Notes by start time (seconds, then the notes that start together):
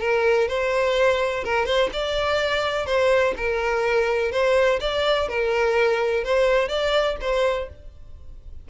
0.00 A#4
0.48 C5
1.44 A#4
1.66 C5
1.93 D5
2.86 C5
3.37 A#4
4.32 C5
4.80 D5
5.29 A#4
6.24 C5
6.69 D5
7.21 C5